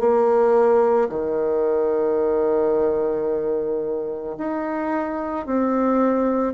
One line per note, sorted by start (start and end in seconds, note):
0.00 1.09 A#3
1.10 4.37 D#3
4.38 5.46 D#4
5.46 6.54 C4